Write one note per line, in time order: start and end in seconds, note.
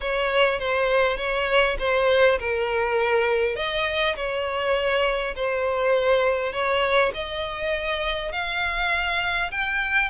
0.00 0.59 C#5
0.59 1.17 C5
1.17 1.76 C#5
1.79 2.38 C5
2.39 3.56 A#4
3.56 4.15 D#5
4.16 5.34 C#5
5.35 6.52 C5
6.52 7.12 C#5
7.14 8.32 D#5
8.32 9.50 F5
9.50 10.10 G5